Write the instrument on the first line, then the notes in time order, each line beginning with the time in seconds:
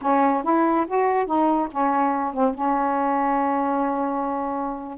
saxophone
0.01 C#4
0.43 E4
0.87 F#4
1.26 D#4
1.71 C#4
2.33 C4
2.54 C#4